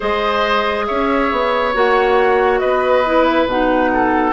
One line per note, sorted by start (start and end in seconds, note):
0.00 0.89 G#3
0.00 1.72 G#4
0.00 0.85 C5
0.00 0.86 D#5
0.86 1.31 C#4
0.86 2.60 C#5
0.86 1.73 E5
1.31 1.74 B3
1.73 2.61 A#3
1.73 3.04 F#4
1.73 2.58 F#5
2.58 3.46 B3
2.58 3.91 B4
2.58 3.24 D#5
3.05 3.48 E4
3.24 3.45 E5
3.46 4.32 B2
3.46 4.32 D#4
3.46 4.32 F#5
3.92 4.32 A4